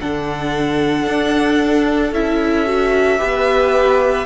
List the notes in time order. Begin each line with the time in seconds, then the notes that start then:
0.00 D3 D4 A4 F#5
1.07 D4
2.12 C#4 E4 E5
2.67 F#4
3.19 B3 G4 B4